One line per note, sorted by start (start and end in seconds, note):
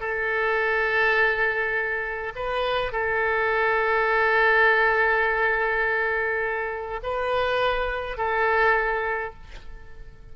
0.00 2.33 A4
2.35 2.92 B4
2.92 7.00 A4
7.03 8.17 B4
8.17 9.34 A4